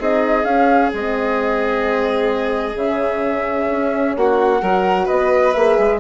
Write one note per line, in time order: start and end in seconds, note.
0.00 0.45 C4
0.00 0.46 D#4
0.00 4.16 G#4
0.00 0.45 D#5
0.45 0.91 C#4
0.45 0.94 C#4
0.45 0.91 F5
0.94 2.76 G#3
0.94 2.77 C4
0.94 2.78 D#5
2.76 3.68 C#3
2.76 4.62 C#4
2.76 4.16 E5
3.72 4.17 C#4
4.16 4.62 A#3
4.16 4.62 F#4
4.16 5.08 F#5
4.62 5.09 F#3
4.62 5.56 F#4
4.62 5.05 A#4
5.05 5.56 B3
5.05 5.98 B4
5.05 5.53 D#5
5.53 5.79 A#3
5.53 6.00 G#4
5.53 5.99 E5
5.79 6.00 G#3